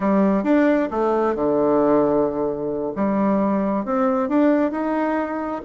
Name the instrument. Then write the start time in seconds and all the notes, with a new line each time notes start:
bassoon
0.00 G3
0.43 D4
0.90 A3
1.35 D3
2.95 G3
3.85 C4
4.28 D4
4.71 D#4